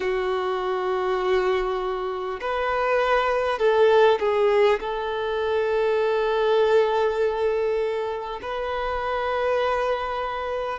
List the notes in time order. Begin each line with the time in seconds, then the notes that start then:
0.00 F#4
2.41 B4
3.58 A4
4.19 G#4
4.80 A4
8.42 B4